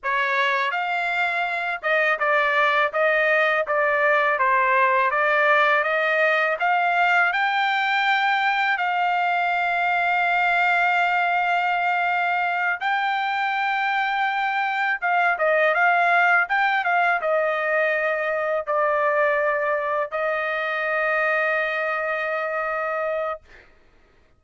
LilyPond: \new Staff \with { instrumentName = "trumpet" } { \time 4/4 \tempo 4 = 82 cis''4 f''4. dis''8 d''4 | dis''4 d''4 c''4 d''4 | dis''4 f''4 g''2 | f''1~ |
f''4. g''2~ g''8~ | g''8 f''8 dis''8 f''4 g''8 f''8 dis''8~ | dis''4. d''2 dis''8~ | dis''1 | }